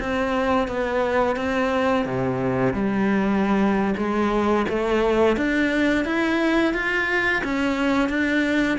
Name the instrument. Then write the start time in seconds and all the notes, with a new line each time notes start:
cello
0.00 C4
0.68 B3
1.36 C4
2.05 C3
2.74 G3
3.97 G#3
4.69 A3
5.37 D4
6.05 E4
6.74 F4
7.44 C#4
8.09 D4